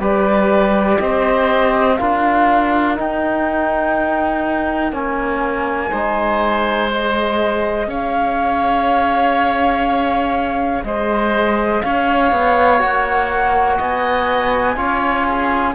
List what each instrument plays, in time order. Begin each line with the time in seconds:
0.00 cello G3, trombone G4, oboe B4, flute D5
0.99 cello C4, oboe C5, flute D#5
1.97 cello D4, trombone F4, oboe A#4, flute F5
2.96 trombone D#4, cello D#4, flute G5
4.92 cello A#3, trombone C#4, flute G#5
5.90 cello G#3, trombone D#4, oboe C5
6.91 trombone G#4, flute D#5
7.87 cello C#4, oboe C#5, flute F5
10.84 cello G#3, oboe C5, flute D#5
11.82 cello C#4, oboe C#5, flute F5
12.32 cello B3
12.79 cello A#3, trombone F#4, flute F#5
13.77 cello B3, oboe D#5, flute G#5
14.76 cello C#4, trombone F4, oboe C#5
15.29 oboe G#4